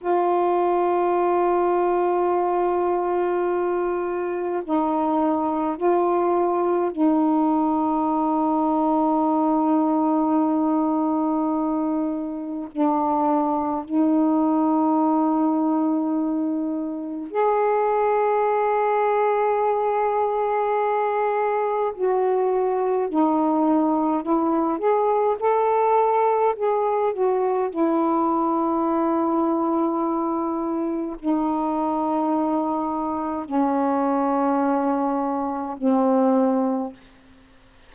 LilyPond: \new Staff \with { instrumentName = "saxophone" } { \time 4/4 \tempo 4 = 52 f'1 | dis'4 f'4 dis'2~ | dis'2. d'4 | dis'2. gis'4~ |
gis'2. fis'4 | dis'4 e'8 gis'8 a'4 gis'8 fis'8 | e'2. dis'4~ | dis'4 cis'2 c'4 | }